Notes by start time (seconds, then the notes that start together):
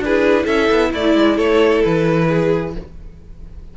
0.00 D4 G#4 B4
0.06 E4
0.45 C#4 A4 E5
0.70 B3
0.91 A3 E4 D5
1.15 G#3
1.36 A3 A4 C#5
1.84 E3 B4
2.28 G#4